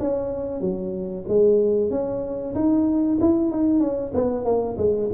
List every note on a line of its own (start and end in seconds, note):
0.00 0.61 C#4
0.61 1.25 F#3
1.28 1.91 G#3
1.91 2.55 C#4
2.55 3.19 D#4
3.21 3.52 E4
3.52 3.80 D#4
3.80 4.12 C#4
4.15 4.45 B3
4.45 4.77 A#3
4.78 5.10 G#3